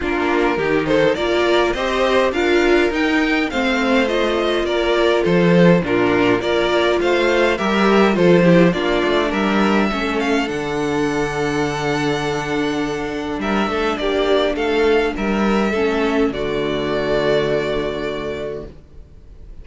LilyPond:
<<
  \new Staff \with { instrumentName = "violin" } { \time 4/4 \tempo 4 = 103 ais'4. c''8 d''4 dis''4 | f''4 g''4 f''4 dis''4 | d''4 c''4 ais'4 d''4 | f''4 e''4 c''4 d''4 |
e''4. f''8 fis''2~ | fis''2. e''4 | d''4 f''4 e''2 | d''1 | }
  \new Staff \with { instrumentName = "violin" } { \time 4/4 f'4 g'8 a'8 ais'4 c''4 | ais'2 c''2 | ais'4 a'4 f'4 ais'4 | c''4 ais'4 a'8 g'8 f'4 |
ais'4 a'2.~ | a'2. ais'8 a'8 | g'4 a'4 ais'4 a'4 | fis'1 | }
  \new Staff \with { instrumentName = "viola" } { \time 4/4 d'4 dis'4 f'4 g'4 | f'4 dis'4 c'4 f'4~ | f'2 d'4 f'4~ | f'4 g'4 f'8 e'8 d'4~ |
d'4 cis'4 d'2~ | d'1~ | d'2. cis'4 | a1 | }
  \new Staff \with { instrumentName = "cello" } { \time 4/4 ais4 dis4 ais4 c'4 | d'4 dis'4 a2 | ais4 f4 ais,4 ais4 | a4 g4 f4 ais8 a8 |
g4 a4 d2~ | d2. g8 a8 | ais4 a4 g4 a4 | d1 | }
>>